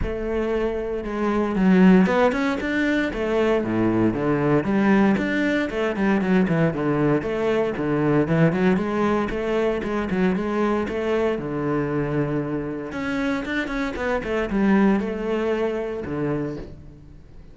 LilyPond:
\new Staff \with { instrumentName = "cello" } { \time 4/4 \tempo 4 = 116 a2 gis4 fis4 | b8 cis'8 d'4 a4 a,4 | d4 g4 d'4 a8 g8 | fis8 e8 d4 a4 d4 |
e8 fis8 gis4 a4 gis8 fis8 | gis4 a4 d2~ | d4 cis'4 d'8 cis'8 b8 a8 | g4 a2 d4 | }